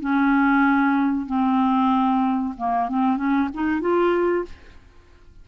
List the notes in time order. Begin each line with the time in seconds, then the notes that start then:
0.00 C#4
1.26 C4
2.57 A#3
2.89 C4
3.17 C#4
3.54 D#4
3.81 F4